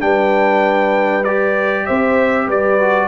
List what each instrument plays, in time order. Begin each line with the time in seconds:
0.00 tuba G3, trombone D4, horn B4, trumpet G5
1.24 trombone G4, trumpet D5
1.86 tuba C4, horn C5, trumpet E5
2.47 tuba G3, horn B4, trumpet D5
2.80 trombone F#4